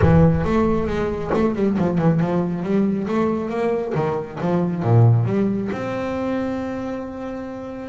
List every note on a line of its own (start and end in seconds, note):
0.01 0.44 E3
0.44 0.87 A3
0.87 1.30 G#3
1.34 1.55 A3
1.55 1.77 G3
1.78 1.98 F3
1.98 2.20 E3
2.20 2.63 F3
2.63 3.06 G3
3.07 3.49 A3
3.49 3.93 A#3
3.94 4.38 D#3
4.40 4.82 F3
4.82 5.25 A#2
5.25 5.69 G3
5.72 7.89 C4